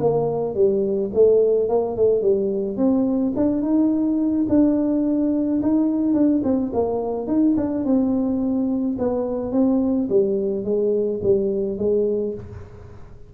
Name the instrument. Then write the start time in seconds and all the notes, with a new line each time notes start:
tuba
0.00 A#3
0.54 G3
1.13 A3
1.69 A#3
1.97 A3
2.21 G3
2.77 C4
3.36 D4
3.62 D#4
4.49 D4
5.62 D#4
6.13 D4
6.43 C4
6.73 A#3
7.27 D#4
7.57 D4
7.85 C4
8.98 B3
9.52 C4
10.09 G3
10.64 G#3
11.23 G3
11.78 G#3